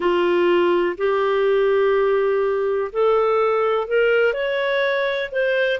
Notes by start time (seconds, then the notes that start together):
0.00 F4
0.97 G4
2.92 A4
3.87 A#4
4.33 C#5
5.31 C5